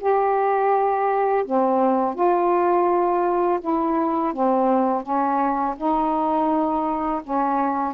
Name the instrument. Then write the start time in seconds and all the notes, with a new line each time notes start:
saxophone
0.00 G4
1.45 C4
2.15 F4
3.61 E4
4.33 C4
5.03 C#4
5.77 D#4
7.24 C#4